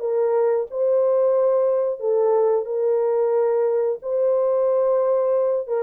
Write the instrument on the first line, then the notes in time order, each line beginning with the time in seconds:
horn
0.00 A#4
0.71 C5
2.00 A4
2.65 A#4
4.02 C5
5.68 A#4